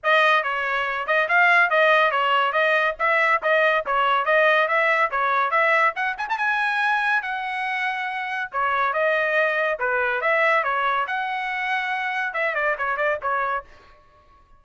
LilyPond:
\new Staff \with { instrumentName = "trumpet" } { \time 4/4 \tempo 4 = 141 dis''4 cis''4. dis''8 f''4 | dis''4 cis''4 dis''4 e''4 | dis''4 cis''4 dis''4 e''4 | cis''4 e''4 fis''8 gis''16 a''16 gis''4~ |
gis''4 fis''2. | cis''4 dis''2 b'4 | e''4 cis''4 fis''2~ | fis''4 e''8 d''8 cis''8 d''8 cis''4 | }